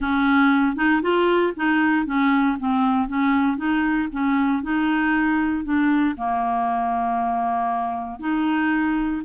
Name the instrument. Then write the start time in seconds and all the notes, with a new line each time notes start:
clarinet
0.00 C#4
0.76 D#4
1.02 F4
1.56 D#4
2.06 C#4
2.59 C4
3.08 C#4
3.57 D#4
4.12 C#4
4.62 D#4
5.64 D4
6.17 A#3
8.19 D#4